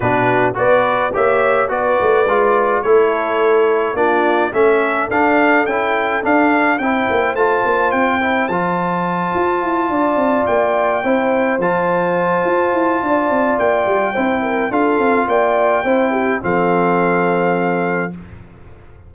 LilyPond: <<
  \new Staff \with { instrumentName = "trumpet" } { \time 4/4 \tempo 4 = 106 b'4 d''4 e''4 d''4~ | d''4 cis''2 d''4 | e''4 f''4 g''4 f''4 | g''4 a''4 g''4 a''4~ |
a''2~ a''8 g''4.~ | g''8 a''2.~ a''8 | g''2 f''4 g''4~ | g''4 f''2. | }
  \new Staff \with { instrumentName = "horn" } { \time 4/4 fis'4 b'4 cis''4 b'4~ | b'4 a'2 f'4 | a'1 | c''1~ |
c''4. d''2 c''8~ | c''2. d''4~ | d''4 c''8 ais'8 a'4 d''4 | c''8 g'8 a'2. | }
  \new Staff \with { instrumentName = "trombone" } { \time 4/4 d'4 fis'4 g'4 fis'4 | f'4 e'2 d'4 | cis'4 d'4 e'4 d'4 | e'4 f'4. e'8 f'4~ |
f'2.~ f'8 e'8~ | e'8 f'2.~ f'8~ | f'4 e'4 f'2 | e'4 c'2. | }
  \new Staff \with { instrumentName = "tuba" } { \time 4/4 b,4 b4 ais4 b8 a8 | gis4 a2 ais4 | a4 d'4 cis'4 d'4 | c'8 ais8 a8 ais8 c'4 f4~ |
f8 f'8 e'8 d'8 c'8 ais4 c'8~ | c'8 f4. f'8 e'8 d'8 c'8 | ais8 g8 c'4 d'8 c'8 ais4 | c'4 f2. | }
>>